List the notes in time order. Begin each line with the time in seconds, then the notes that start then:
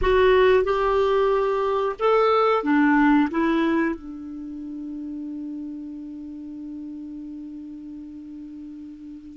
0.01 F#4
0.64 G4
1.99 A4
2.63 D4
3.30 E4
3.95 D4